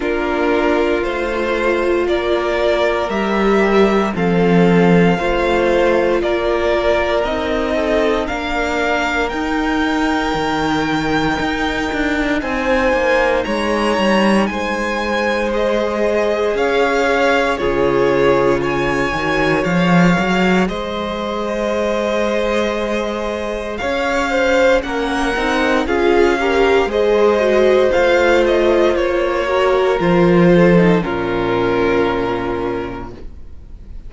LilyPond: <<
  \new Staff \with { instrumentName = "violin" } { \time 4/4 \tempo 4 = 58 ais'4 c''4 d''4 e''4 | f''2 d''4 dis''4 | f''4 g''2. | gis''4 ais''4 gis''4 dis''4 |
f''4 cis''4 gis''4 f''4 | dis''2. f''4 | fis''4 f''4 dis''4 f''8 dis''8 | cis''4 c''4 ais'2 | }
  \new Staff \with { instrumentName = "violin" } { \time 4/4 f'2 ais'2 | a'4 c''4 ais'4. a'8 | ais'1 | c''4 cis''4 c''2 |
cis''4 gis'4 cis''2 | c''2. cis''8 c''8 | ais'4 gis'8 ais'8 c''2~ | c''8 ais'4 a'8 f'2 | }
  \new Staff \with { instrumentName = "viola" } { \time 4/4 d'4 f'2 g'4 | c'4 f'2 dis'4 | d'4 dis'2.~ | dis'2. gis'4~ |
gis'4 f'4. fis'8 gis'4~ | gis'1 | cis'8 dis'8 f'8 g'8 gis'8 fis'8 f'4~ | f'8 fis'8 f'8. dis'16 cis'2 | }
  \new Staff \with { instrumentName = "cello" } { \time 4/4 ais4 a4 ais4 g4 | f4 a4 ais4 c'4 | ais4 dis'4 dis4 dis'8 d'8 | c'8 ais8 gis8 g8 gis2 |
cis'4 cis4. dis8 f8 fis8 | gis2. cis'4 | ais8 c'8 cis'4 gis4 a4 | ais4 f4 ais,2 | }
>>